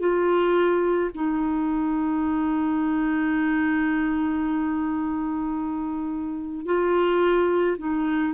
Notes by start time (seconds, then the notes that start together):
0.00 F4
1.15 D#4
6.66 F4
7.79 D#4